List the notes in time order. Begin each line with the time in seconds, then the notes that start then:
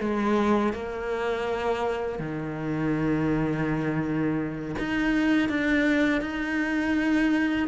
0.00 G#3
0.74 A#3
2.20 D#3
4.79 D#4
5.49 D4
6.22 D#4